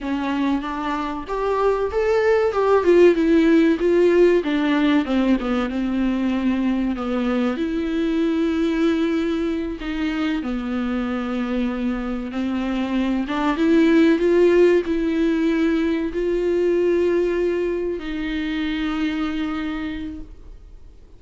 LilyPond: \new Staff \with { instrumentName = "viola" } { \time 4/4 \tempo 4 = 95 cis'4 d'4 g'4 a'4 | g'8 f'8 e'4 f'4 d'4 | c'8 b8 c'2 b4 | e'2.~ e'8 dis'8~ |
dis'8 b2. c'8~ | c'4 d'8 e'4 f'4 e'8~ | e'4. f'2~ f'8~ | f'8 dis'2.~ dis'8 | }